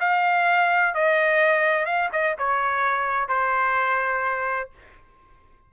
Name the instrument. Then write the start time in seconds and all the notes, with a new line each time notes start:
trumpet
0.00 F5
0.94 D#5
1.86 F5
2.12 D#5
2.38 C#5
3.28 C5